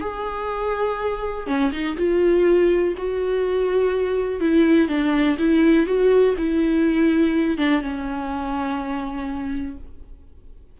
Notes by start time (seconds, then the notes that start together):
0.00 G#4
1.46 C#4
1.72 D#4
1.96 F4
2.97 F#4
4.40 E4
4.88 D4
5.38 E4
5.86 F#4
6.37 E4
7.57 D4
7.81 C#4